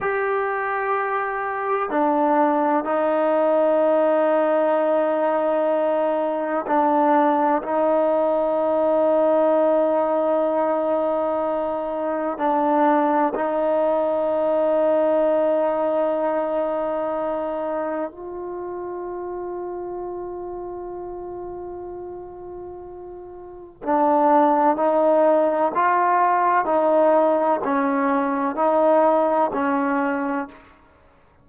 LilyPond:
\new Staff \with { instrumentName = "trombone" } { \time 4/4 \tempo 4 = 63 g'2 d'4 dis'4~ | dis'2. d'4 | dis'1~ | dis'4 d'4 dis'2~ |
dis'2. f'4~ | f'1~ | f'4 d'4 dis'4 f'4 | dis'4 cis'4 dis'4 cis'4 | }